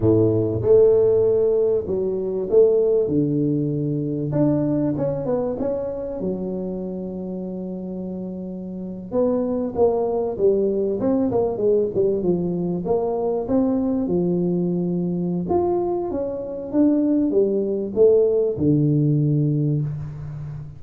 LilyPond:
\new Staff \with { instrumentName = "tuba" } { \time 4/4 \tempo 4 = 97 a,4 a2 fis4 | a4 d2 d'4 | cis'8 b8 cis'4 fis2~ | fis2~ fis8. b4 ais16~ |
ais8. g4 c'8 ais8 gis8 g8 f16~ | f8. ais4 c'4 f4~ f16~ | f4 f'4 cis'4 d'4 | g4 a4 d2 | }